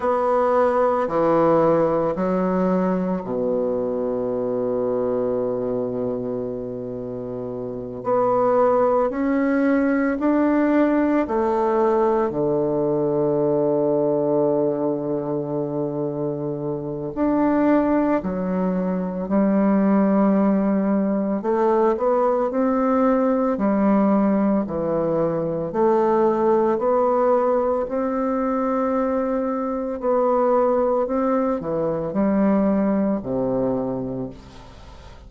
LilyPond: \new Staff \with { instrumentName = "bassoon" } { \time 4/4 \tempo 4 = 56 b4 e4 fis4 b,4~ | b,2.~ b,8 b8~ | b8 cis'4 d'4 a4 d8~ | d1 |
d'4 fis4 g2 | a8 b8 c'4 g4 e4 | a4 b4 c'2 | b4 c'8 e8 g4 c4 | }